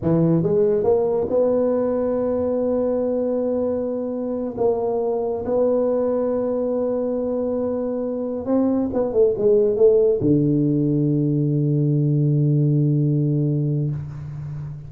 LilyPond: \new Staff \with { instrumentName = "tuba" } { \time 4/4 \tempo 4 = 138 e4 gis4 ais4 b4~ | b1~ | b2~ b8 ais4.~ | ais8 b2.~ b8~ |
b2.~ b8 c'8~ | c'8 b8 a8 gis4 a4 d8~ | d1~ | d1 | }